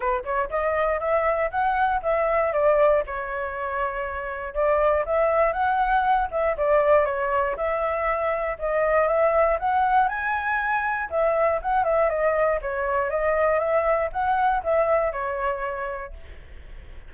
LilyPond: \new Staff \with { instrumentName = "flute" } { \time 4/4 \tempo 4 = 119 b'8 cis''8 dis''4 e''4 fis''4 | e''4 d''4 cis''2~ | cis''4 d''4 e''4 fis''4~ | fis''8 e''8 d''4 cis''4 e''4~ |
e''4 dis''4 e''4 fis''4 | gis''2 e''4 fis''8 e''8 | dis''4 cis''4 dis''4 e''4 | fis''4 e''4 cis''2 | }